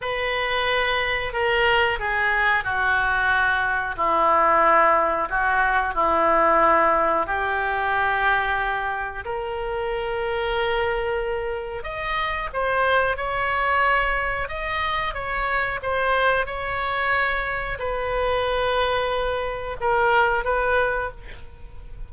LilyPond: \new Staff \with { instrumentName = "oboe" } { \time 4/4 \tempo 4 = 91 b'2 ais'4 gis'4 | fis'2 e'2 | fis'4 e'2 g'4~ | g'2 ais'2~ |
ais'2 dis''4 c''4 | cis''2 dis''4 cis''4 | c''4 cis''2 b'4~ | b'2 ais'4 b'4 | }